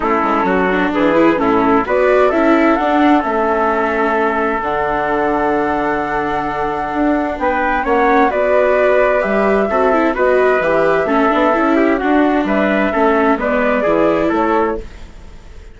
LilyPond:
<<
  \new Staff \with { instrumentName = "flute" } { \time 4/4 \tempo 4 = 130 a'2 b'4 a'4 | d''4 e''4 fis''4 e''4~ | e''2 fis''2~ | fis''1 |
g''4 fis''4 d''2 | e''2 dis''4 e''4~ | e''2 fis''4 e''4~ | e''4 d''2 cis''4 | }
  \new Staff \with { instrumentName = "trumpet" } { \time 4/4 e'4 fis'4 gis'4 e'4 | b'4 a'2.~ | a'1~ | a'1 |
b'4 cis''4 b'2~ | b'4 a'4 b'2 | a'4. g'8 fis'4 b'4 | a'4 b'4 gis'4 a'4 | }
  \new Staff \with { instrumentName = "viola" } { \time 4/4 cis'4. d'4 e'8 cis'4 | fis'4 e'4 d'4 cis'4~ | cis'2 d'2~ | d'1~ |
d'4 cis'4 fis'2 | g'4 fis'8 e'8 fis'4 g'4 | cis'8 d'8 e'4 d'2 | cis'4 b4 e'2 | }
  \new Staff \with { instrumentName = "bassoon" } { \time 4/4 a8 gis8 fis4 e4 a,4 | b4 cis'4 d'4 a4~ | a2 d2~ | d2. d'4 |
b4 ais4 b2 | g4 c'4 b4 e4 | a8 b8 cis'4 d'4 g4 | a4 gis4 e4 a4 | }
>>